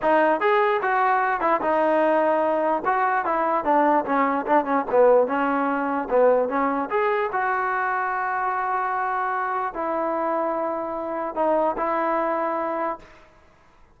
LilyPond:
\new Staff \with { instrumentName = "trombone" } { \time 4/4 \tempo 4 = 148 dis'4 gis'4 fis'4. e'8 | dis'2. fis'4 | e'4 d'4 cis'4 d'8 cis'8 | b4 cis'2 b4 |
cis'4 gis'4 fis'2~ | fis'1 | e'1 | dis'4 e'2. | }